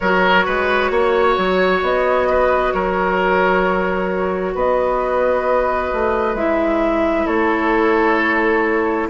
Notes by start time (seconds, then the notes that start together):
0.00 F#3 F#4 A#4 C#5
0.45 G#3 B4
0.90 A#3 C#5
1.37 F#3
1.82 B3 D#5
2.29 B4
2.72 F#3 A#4 C#5
4.54 B3 B4 D#5
5.93 A3
6.34 G#3 E4 E5
7.25 A3 A4 C#5